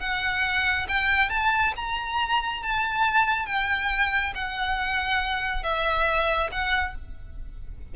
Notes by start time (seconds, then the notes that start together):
0.00 F#5
0.88 G5
1.30 A5
1.76 A#5
2.63 A5
3.46 G5
4.35 F#5
5.63 E5
6.51 F#5